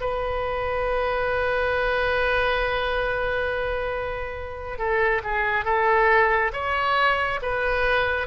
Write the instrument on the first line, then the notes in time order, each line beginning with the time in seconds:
oboe
0.00 B4
4.78 A4
5.23 G#4
5.64 A4
6.53 C#5
7.42 B4